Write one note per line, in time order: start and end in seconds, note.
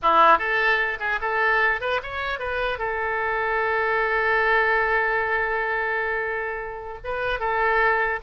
0.02 0.38 E4
0.38 0.98 A4
0.99 1.19 G#4
1.21 1.80 A4
1.80 2.00 B4
2.02 2.39 C#5
2.39 2.78 B4
2.78 6.98 A4
7.03 7.39 B4
7.39 8.19 A4